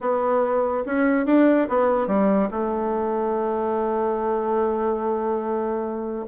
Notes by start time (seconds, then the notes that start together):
0.01 B3
0.85 C#4
1.25 D4
1.69 B3
2.07 G3
2.50 A3